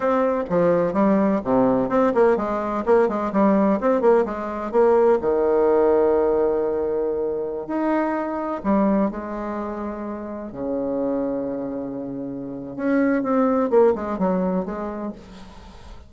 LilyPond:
\new Staff \with { instrumentName = "bassoon" } { \time 4/4 \tempo 4 = 127 c'4 f4 g4 c4 | c'8 ais8 gis4 ais8 gis8 g4 | c'8 ais8 gis4 ais4 dis4~ | dis1~ |
dis16 dis'2 g4 gis8.~ | gis2~ gis16 cis4.~ cis16~ | cis2. cis'4 | c'4 ais8 gis8 fis4 gis4 | }